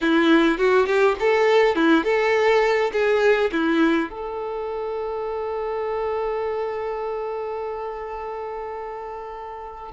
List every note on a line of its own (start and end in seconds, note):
0.01 0.57 E4
0.57 0.86 F#4
0.86 1.15 G4
1.19 1.75 A4
1.75 2.04 E4
2.04 2.91 A4
2.92 3.50 G#4
3.52 4.09 E4
4.09 9.92 A4